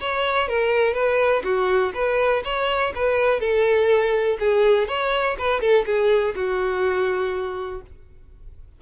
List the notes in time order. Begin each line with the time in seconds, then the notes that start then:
0.00 C#5
0.48 A#4
0.94 B4
1.43 F#4
1.94 B4
2.44 C#5
2.94 B4
3.40 A4
4.39 G#4
4.87 C#5
5.38 B4
5.60 A4
5.85 G#4
6.35 F#4